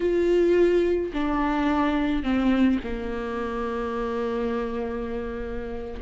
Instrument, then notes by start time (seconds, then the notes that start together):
viola
0.00 F4
1.13 D4
2.23 C4
2.83 A#3